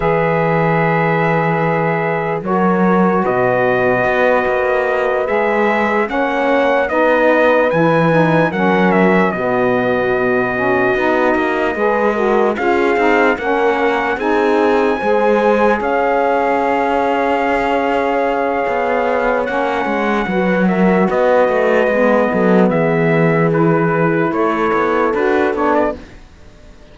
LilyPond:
<<
  \new Staff \with { instrumentName = "trumpet" } { \time 4/4 \tempo 4 = 74 e''2. cis''4 | dis''2~ dis''8 e''4 fis''8~ | fis''8 dis''4 gis''4 fis''8 e''8 dis''8~ | dis''2.~ dis''8 f''8~ |
f''8 fis''4 gis''2 f''8~ | f''1 | fis''4. e''8 dis''2 | e''4 b'4 cis''4 b'8 cis''16 d''16 | }
  \new Staff \with { instrumentName = "horn" } { \time 4/4 b'2. ais'4 | b'2.~ b'8 cis''8~ | cis''8 b'2 ais'4 fis'8~ | fis'2~ fis'8 b'8 ais'8 gis'8~ |
gis'8 ais'4 gis'4 c''4 cis''8~ | cis''1~ | cis''4 b'8 ais'8 b'4. a'8 | gis'2 a'2 | }
  \new Staff \with { instrumentName = "saxophone" } { \time 4/4 gis'2. fis'4~ | fis'2~ fis'8 gis'4 cis'8~ | cis'8 dis'4 e'8 dis'8 cis'4 b8~ | b4 cis'8 dis'4 gis'8 fis'8 f'8 |
dis'8 cis'4 dis'4 gis'4.~ | gis'1 | cis'4 fis'2 b4~ | b4 e'2 fis'8 d'8 | }
  \new Staff \with { instrumentName = "cello" } { \time 4/4 e2. fis4 | b,4 b8 ais4 gis4 ais8~ | ais8 b4 e4 fis4 b,8~ | b,4. b8 ais8 gis4 cis'8 |
c'8 ais4 c'4 gis4 cis'8~ | cis'2. b4 | ais8 gis8 fis4 b8 a8 gis8 fis8 | e2 a8 b8 d'8 b8 | }
>>